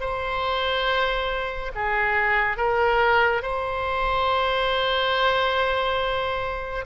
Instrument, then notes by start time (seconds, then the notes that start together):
oboe
0.00 C5
1.75 G#4
2.57 A#4
3.42 C5